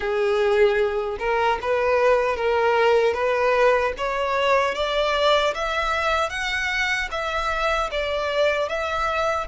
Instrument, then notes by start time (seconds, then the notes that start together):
violin
0.00 G#4
1.19 A#4
1.61 B4
2.36 A#4
3.14 B4
3.97 C#5
4.74 D5
5.54 E5
6.29 F#5
7.11 E5
7.91 D5
8.68 E5